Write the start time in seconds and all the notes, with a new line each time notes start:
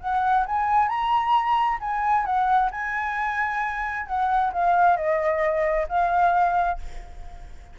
0.00 F#5
0.46 G#5
0.88 A#5
1.80 G#5
2.25 F#5
2.71 G#5
4.07 F#5
4.53 F5
4.97 D#5
5.89 F5